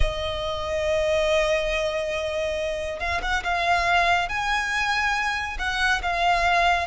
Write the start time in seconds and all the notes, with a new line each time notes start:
0.00 D#5
2.99 F5
3.21 F#5
3.43 F5
4.29 G#5
5.58 F#5
6.02 F5